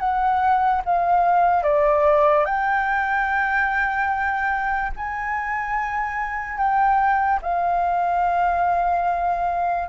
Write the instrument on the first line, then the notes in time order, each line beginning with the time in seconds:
flute
0.00 F#5
0.86 F5
1.63 D5
2.45 G5
4.97 G#5
6.58 G5
7.43 F5